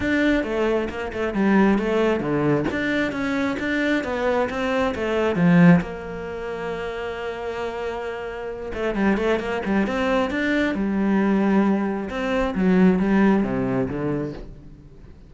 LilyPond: \new Staff \with { instrumentName = "cello" } { \time 4/4 \tempo 4 = 134 d'4 a4 ais8 a8 g4 | a4 d4 d'4 cis'4 | d'4 b4 c'4 a4 | f4 ais2.~ |
ais2.~ ais8 a8 | g8 a8 ais8 g8 c'4 d'4 | g2. c'4 | fis4 g4 c4 d4 | }